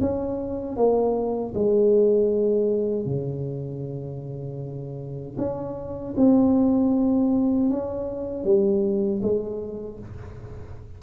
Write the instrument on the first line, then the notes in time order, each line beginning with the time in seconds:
tuba
0.00 C#4
0.76 A#3
1.54 G#3
3.05 C#3
5.37 C#4
6.16 C4
7.69 C#4
8.44 G3
9.22 G#3